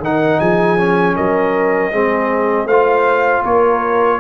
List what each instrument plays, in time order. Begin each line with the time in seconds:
0.00 tuba D#3, trombone D#4, horn A#4, trumpet F#5
0.40 tuba F3, horn G#4, trumpet G#5
0.78 trombone C#4
1.16 tuba F#3, horn A#4, trumpet D#5
1.92 tuba G#3, trombone C4, horn G#4
2.66 tuba A3, trombone F4, horn C5, trumpet F5
3.44 tuba A#3, horn A#4, trumpet C#5